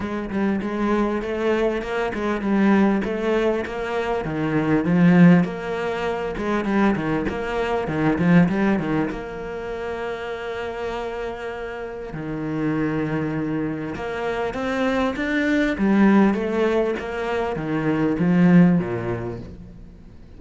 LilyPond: \new Staff \with { instrumentName = "cello" } { \time 4/4 \tempo 4 = 99 gis8 g8 gis4 a4 ais8 gis8 | g4 a4 ais4 dis4 | f4 ais4. gis8 g8 dis8 | ais4 dis8 f8 g8 dis8 ais4~ |
ais1 | dis2. ais4 | c'4 d'4 g4 a4 | ais4 dis4 f4 ais,4 | }